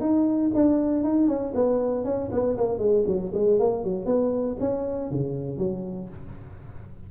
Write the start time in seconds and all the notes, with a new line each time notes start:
0.00 D#4
0.54 D4
1.03 D#4
1.27 C#4
1.54 B3
2.04 C#4
2.31 B3
2.57 A#3
2.78 G#3
3.06 F#3
3.34 G#3
3.59 A#3
3.84 F#3
4.05 B3
4.59 C#4
5.10 C#3
5.57 F#3